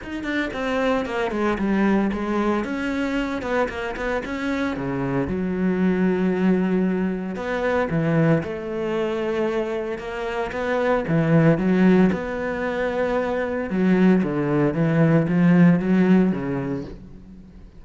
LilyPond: \new Staff \with { instrumentName = "cello" } { \time 4/4 \tempo 4 = 114 dis'8 d'8 c'4 ais8 gis8 g4 | gis4 cis'4. b8 ais8 b8 | cis'4 cis4 fis2~ | fis2 b4 e4 |
a2. ais4 | b4 e4 fis4 b4~ | b2 fis4 d4 | e4 f4 fis4 cis4 | }